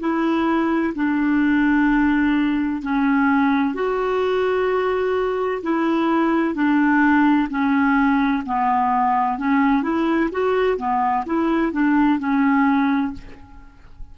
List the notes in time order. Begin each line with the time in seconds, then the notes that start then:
0.00 E4
0.95 D4
2.83 C#4
3.75 F#4
5.63 E4
6.55 D4
7.50 C#4
8.46 B3
9.39 C#4
9.83 E4
10.32 F#4
10.78 B3
11.26 E4
11.73 D4
12.20 C#4